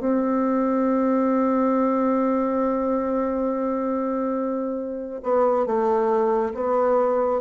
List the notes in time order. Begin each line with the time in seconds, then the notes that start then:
0.00 C4
5.23 B3
5.66 A3
6.54 B3